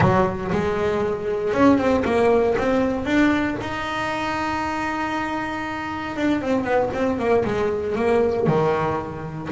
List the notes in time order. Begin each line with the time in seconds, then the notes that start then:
0.00 F#3
0.52 G#3
1.53 C#4
1.78 C4
2.04 A#3
2.58 C4
3.05 D4
3.61 D#4
6.16 D4
6.41 C4
6.64 B3
6.93 C4
7.18 A#3
7.45 G#3
7.95 A#3
8.46 D#3